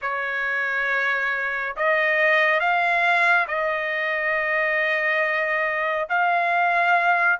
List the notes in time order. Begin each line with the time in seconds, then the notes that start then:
0.01 C#5
1.76 D#5
2.60 F5
3.47 D#5
6.09 F5